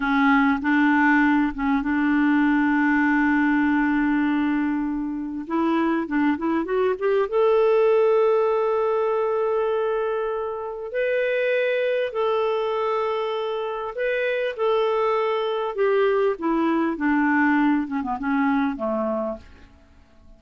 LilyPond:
\new Staff \with { instrumentName = "clarinet" } { \time 4/4 \tempo 4 = 99 cis'4 d'4. cis'8 d'4~ | d'1~ | d'4 e'4 d'8 e'8 fis'8 g'8 | a'1~ |
a'2 b'2 | a'2. b'4 | a'2 g'4 e'4 | d'4. cis'16 b16 cis'4 a4 | }